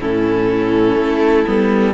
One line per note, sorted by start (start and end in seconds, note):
0.00 0.96 A2
0.00 1.46 C#4
0.00 1.94 E4
0.00 1.94 A4
0.96 1.44 A3
1.46 1.94 G3
1.46 1.94 B3